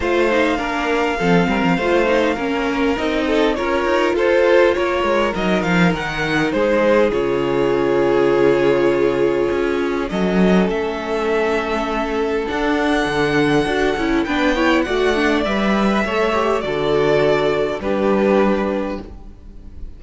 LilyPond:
<<
  \new Staff \with { instrumentName = "violin" } { \time 4/4 \tempo 4 = 101 f''1~ | f''4 dis''4 cis''4 c''4 | cis''4 dis''8 f''8 fis''4 c''4 | cis''1~ |
cis''4 dis''4 e''2~ | e''4 fis''2. | g''4 fis''4 e''2 | d''2 b'2 | }
  \new Staff \with { instrumentName = "violin" } { \time 4/4 c''4 ais'4 a'8 ais'8 c''4 | ais'4. a'8 ais'4 a'4 | ais'2. gis'4~ | gis'1~ |
gis'4 a'2.~ | a'1 | b'8 cis''8 d''4.~ d''16 b'16 cis''4 | a'2 g'2 | }
  \new Staff \with { instrumentName = "viola" } { \time 4/4 f'8 dis'8 d'4 c'4 f'8 dis'8 | cis'4 dis'4 f'2~ | f'4 dis'2. | f'1~ |
f'4 cis'2.~ | cis'4 d'2 fis'8 e'8 | d'8 e'8 fis'8 d'8 b'4 a'8 g'8 | fis'2 d'2 | }
  \new Staff \with { instrumentName = "cello" } { \time 4/4 a4 ais4 f8 g16 f16 a4 | ais4 c'4 cis'8 dis'8 f'4 | ais8 gis8 fis8 f8 dis4 gis4 | cis1 |
cis'4 fis4 a2~ | a4 d'4 d4 d'8 cis'8 | b4 a4 g4 a4 | d2 g2 | }
>>